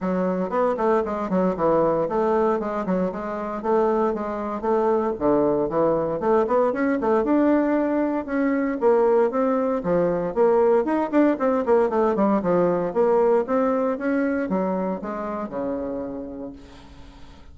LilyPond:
\new Staff \with { instrumentName = "bassoon" } { \time 4/4 \tempo 4 = 116 fis4 b8 a8 gis8 fis8 e4 | a4 gis8 fis8 gis4 a4 | gis4 a4 d4 e4 | a8 b8 cis'8 a8 d'2 |
cis'4 ais4 c'4 f4 | ais4 dis'8 d'8 c'8 ais8 a8 g8 | f4 ais4 c'4 cis'4 | fis4 gis4 cis2 | }